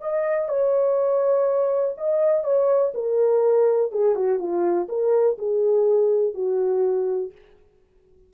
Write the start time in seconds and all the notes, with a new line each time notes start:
0.00 D#5
0.48 C#5
1.97 D#5
2.43 C#5
2.94 A#4
3.91 G#4
4.15 F#4
4.38 F4
4.88 A#4
5.38 G#4
6.34 F#4